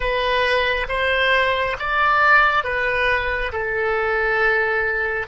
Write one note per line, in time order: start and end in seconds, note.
0.00 0.86 B4
0.88 1.76 C5
1.79 2.64 D5
2.64 3.52 B4
3.52 5.27 A4